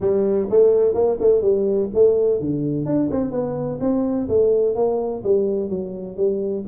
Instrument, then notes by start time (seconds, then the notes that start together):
tuba
0.01 G3
0.50 A3
0.94 A#3
1.19 A3
1.41 G3
1.94 A3
2.40 D3
2.85 D4
3.10 C4
3.31 B3
3.80 C4
4.28 A3
4.75 A#3
5.23 G3
5.69 F#3
6.16 G3